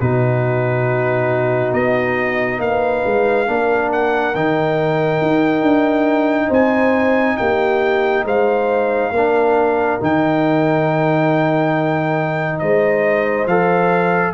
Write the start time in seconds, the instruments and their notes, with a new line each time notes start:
0.00 tuba B2, trombone D#4, horn F#4, trumpet B4
1.72 tuba B3, trumpet D#5
2.59 tuba A#3, horn B4, trumpet F5
3.06 tuba G#3
3.47 tuba A#3, trombone D4, horn A#4
3.92 trumpet F#5
4.35 tuba D#3, trombone D#4, trumpet G5
5.22 tuba D#4
5.62 tuba D4
6.48 tuba C4, horn C5, trumpet G#5
7.37 tuba A#3, horn G4, trumpet G5
8.24 tuba G#3, horn C5, trumpet F5
9.12 tuba A#3, trombone D4, horn A#4
10.00 tuba D#3, trombone D#4, trumpet G5
12.59 tuba G#3, horn C5, trumpet D#5
13.46 tuba F3, trombone A4, trumpet F5